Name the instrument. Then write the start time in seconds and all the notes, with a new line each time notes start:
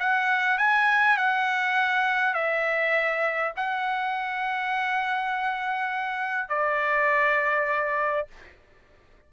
trumpet
0.00 F#5
0.59 G#5
1.18 F#5
2.34 E5
3.57 F#5
6.49 D5